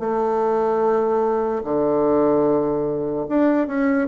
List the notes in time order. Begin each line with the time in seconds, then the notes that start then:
0.00 A3
1.64 D3
3.29 D4
3.68 C#4